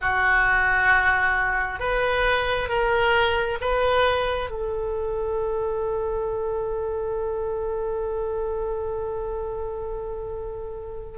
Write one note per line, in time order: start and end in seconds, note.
0.01 1.79 F#4
1.79 2.68 B4
2.68 3.58 A#4
3.61 4.49 B4
4.49 11.17 A4